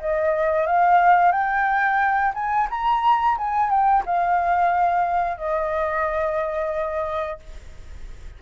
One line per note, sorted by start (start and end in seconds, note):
0.00 0.67 D#5
0.67 1.32 F5
1.32 2.33 G5
2.34 2.68 G#5
2.70 3.38 A#5
3.38 3.70 G#5
3.70 4.04 G5
4.06 5.37 F5
5.37 7.40 D#5